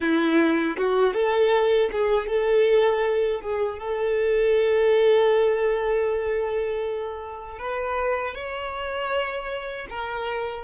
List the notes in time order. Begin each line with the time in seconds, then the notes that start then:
0.00 E4
0.77 F#4
1.13 A4
1.92 G#4
2.27 A4
3.40 G#4
3.78 A4
7.58 B4
8.34 C#5
9.89 A#4